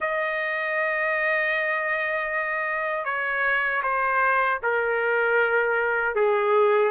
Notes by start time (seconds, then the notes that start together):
0.00 D#5
3.05 C#5
3.82 C5
4.62 A#4
6.15 G#4